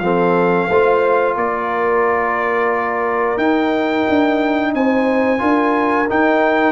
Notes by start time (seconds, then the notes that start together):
0.00 F3 C4 A4 F5
0.69 A3 F4 C5
1.36 A#3 A#4 D5
3.37 D#4 G5
4.09 D4
4.75 C4 C5 G#5
5.39 D4 F4 A#4
6.10 D#4 G5